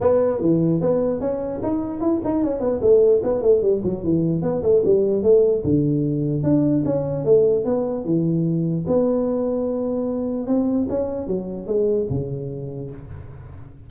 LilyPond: \new Staff \with { instrumentName = "tuba" } { \time 4/4 \tempo 4 = 149 b4 e4 b4 cis'4 | dis'4 e'8 dis'8 cis'8 b8 a4 | b8 a8 g8 fis8 e4 b8 a8 | g4 a4 d2 |
d'4 cis'4 a4 b4 | e2 b2~ | b2 c'4 cis'4 | fis4 gis4 cis2 | }